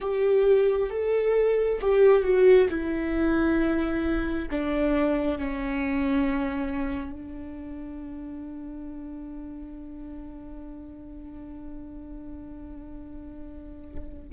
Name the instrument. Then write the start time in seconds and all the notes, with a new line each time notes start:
viola
0.00 G4
0.90 A4
1.81 G4
2.23 F#4
2.69 E4
4.50 D4
5.38 C#4
7.12 D4